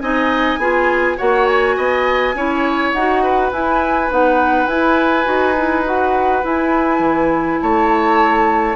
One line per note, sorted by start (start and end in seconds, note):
0.00 0.58 C4
0.00 0.59 D#4
0.00 0.59 D#5
0.00 1.17 G#5
0.58 1.16 B3
0.58 1.17 F4
0.58 1.17 G#4
1.17 1.77 A#3
1.17 2.34 F#4
1.17 1.75 C#5
1.17 1.46 F#5
1.46 2.92 G#5
1.76 2.34 B3
1.76 2.35 D#5
2.34 2.92 C#4
2.34 2.95 E4
2.34 3.23 C#5
2.92 3.51 D#4
2.92 3.52 F#4
2.92 3.50 F#5
3.23 7.59 B4
3.52 4.10 E4
3.52 4.11 G#5
4.10 4.66 B3
4.10 4.68 D#4
4.10 4.67 F#5
4.66 5.25 E4
4.66 5.24 E4
4.66 5.83 G#5
5.24 6.43 D#4
5.24 5.54 F#4
5.57 5.84 E4
5.84 6.43 F#4
5.84 6.45 F#5
6.43 8.75 E4
6.43 6.99 E4
6.43 7.61 G#5
6.99 7.57 E3
7.61 8.75 A3
7.61 8.75 C#5
7.61 8.75 A5